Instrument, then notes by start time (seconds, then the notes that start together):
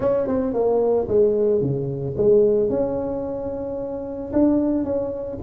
tuba
0.00 C#4
0.27 C4
0.53 A#3
1.07 G#3
1.61 C#3
2.17 G#3
2.69 C#4
4.32 D4
4.84 C#4